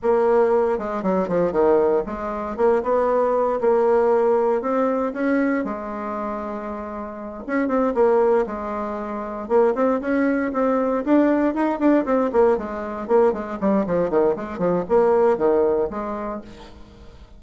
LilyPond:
\new Staff \with { instrumentName = "bassoon" } { \time 4/4 \tempo 4 = 117 ais4. gis8 fis8 f8 dis4 | gis4 ais8 b4. ais4~ | ais4 c'4 cis'4 gis4~ | gis2~ gis8 cis'8 c'8 ais8~ |
ais8 gis2 ais8 c'8 cis'8~ | cis'8 c'4 d'4 dis'8 d'8 c'8 | ais8 gis4 ais8 gis8 g8 f8 dis8 | gis8 f8 ais4 dis4 gis4 | }